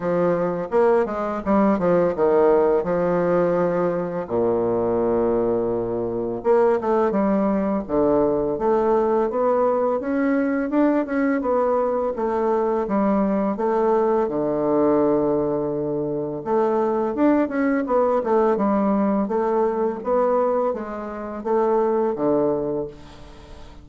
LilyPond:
\new Staff \with { instrumentName = "bassoon" } { \time 4/4 \tempo 4 = 84 f4 ais8 gis8 g8 f8 dis4 | f2 ais,2~ | ais,4 ais8 a8 g4 d4 | a4 b4 cis'4 d'8 cis'8 |
b4 a4 g4 a4 | d2. a4 | d'8 cis'8 b8 a8 g4 a4 | b4 gis4 a4 d4 | }